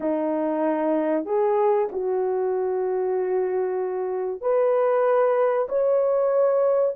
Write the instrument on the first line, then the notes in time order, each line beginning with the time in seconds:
horn
0.00 D#4
1.25 G#4
1.92 F#4
4.41 B4
5.68 C#5